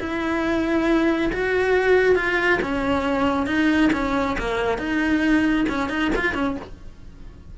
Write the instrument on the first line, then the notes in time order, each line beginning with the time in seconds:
cello
0.00 E4
1.33 F#4
2.16 F4
2.62 C#4
3.47 D#4
3.93 C#4
4.39 A#3
4.78 D#4
5.69 C#4
5.89 D#4
6.16 F4
6.35 C#4